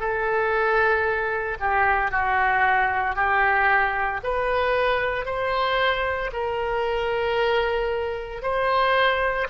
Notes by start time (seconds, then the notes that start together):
0.00 A4
1.60 G4
2.11 F#4
3.15 G4
4.23 B4
5.25 C5
6.33 A#4
8.42 C5